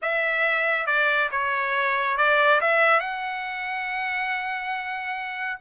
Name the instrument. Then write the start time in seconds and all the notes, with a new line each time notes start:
trumpet
0.01 E5
0.86 D5
1.31 C#5
2.17 D5
2.60 E5
2.99 F#5